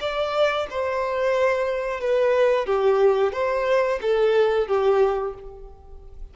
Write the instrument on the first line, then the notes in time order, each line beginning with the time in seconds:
violin
0.00 D5
0.70 C5
2.00 B4
2.66 G4
3.32 C5
4.01 A4
4.67 G4